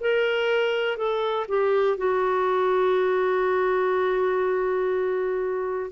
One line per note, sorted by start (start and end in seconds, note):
0.00 0.97 A#4
0.97 1.46 A4
1.48 1.97 G4
1.97 5.91 F#4